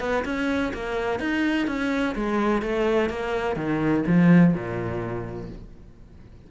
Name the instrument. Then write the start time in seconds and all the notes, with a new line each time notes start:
cello
0.00 B3
0.25 C#4
0.73 A#3
1.19 D#4
1.67 C#4
2.15 G#3
2.62 A3
3.09 A#3
3.56 D#3
4.07 F3
4.54 A#2